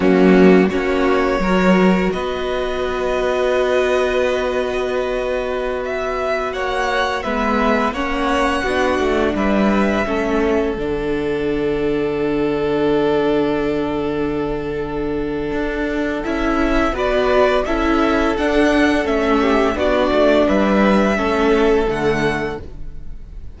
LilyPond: <<
  \new Staff \with { instrumentName = "violin" } { \time 4/4 \tempo 4 = 85 fis'4 cis''2 dis''4~ | dis''1~ | dis''16 e''4 fis''4 e''4 fis''8.~ | fis''4~ fis''16 e''2 fis''8.~ |
fis''1~ | fis''2. e''4 | d''4 e''4 fis''4 e''4 | d''4 e''2 fis''4 | }
  \new Staff \with { instrumentName = "violin" } { \time 4/4 cis'4 fis'4 ais'4 b'4~ | b'1~ | b'4~ b'16 cis''4 b'4 cis''8.~ | cis''16 fis'4 b'4 a'4.~ a'16~ |
a'1~ | a'1 | b'4 a'2~ a'8 g'8 | fis'4 b'4 a'2 | }
  \new Staff \with { instrumentName = "viola" } { \time 4/4 ais4 cis'4 fis'2~ | fis'1~ | fis'2~ fis'16 b4 cis'8.~ | cis'16 d'2 cis'4 d'8.~ |
d'1~ | d'2. e'4 | fis'4 e'4 d'4 cis'4 | d'2 cis'4 a4 | }
  \new Staff \with { instrumentName = "cello" } { \time 4/4 fis4 ais4 fis4 b4~ | b1~ | b4~ b16 ais4 gis4 ais8.~ | ais16 b8 a8 g4 a4 d8.~ |
d1~ | d2 d'4 cis'4 | b4 cis'4 d'4 a4 | b8 a8 g4 a4 d4 | }
>>